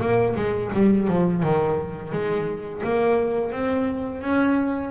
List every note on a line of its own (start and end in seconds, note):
0.00 0.35 A#3
0.36 0.71 G#3
0.73 1.08 G3
1.08 1.42 F3
1.43 2.12 D#3
2.12 2.82 G#3
2.84 3.52 A#3
3.52 4.21 C4
4.21 4.91 C#4